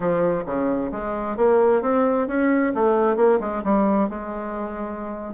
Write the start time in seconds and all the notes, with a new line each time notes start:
0.00 F3
0.45 C#3
0.91 G#3
1.36 A#3
1.82 C4
2.27 C#4
2.74 A3
3.16 A#3
3.40 G#3
3.63 G3
4.09 G#3